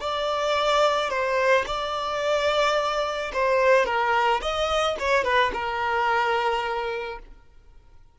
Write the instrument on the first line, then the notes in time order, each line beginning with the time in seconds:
violin
0.00 D5
1.09 C5
1.66 D5
3.33 C5
3.85 A#4
4.41 D#5
4.99 C#5
5.24 B4
5.53 A#4